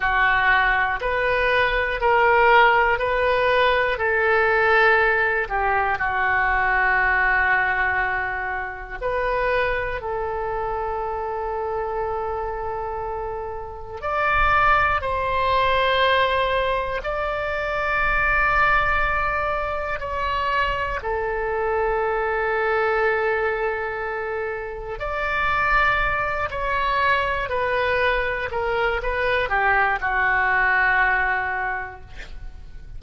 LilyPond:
\new Staff \with { instrumentName = "oboe" } { \time 4/4 \tempo 4 = 60 fis'4 b'4 ais'4 b'4 | a'4. g'8 fis'2~ | fis'4 b'4 a'2~ | a'2 d''4 c''4~ |
c''4 d''2. | cis''4 a'2.~ | a'4 d''4. cis''4 b'8~ | b'8 ais'8 b'8 g'8 fis'2 | }